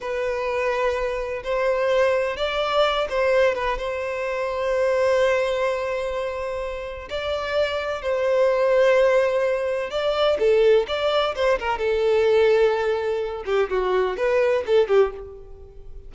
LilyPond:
\new Staff \with { instrumentName = "violin" } { \time 4/4 \tempo 4 = 127 b'2. c''4~ | c''4 d''4. c''4 b'8 | c''1~ | c''2. d''4~ |
d''4 c''2.~ | c''4 d''4 a'4 d''4 | c''8 ais'8 a'2.~ | a'8 g'8 fis'4 b'4 a'8 g'8 | }